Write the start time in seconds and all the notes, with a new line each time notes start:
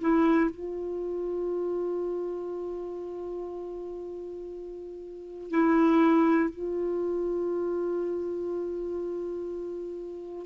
0.00 E4
0.50 F4
5.50 E4
6.49 F4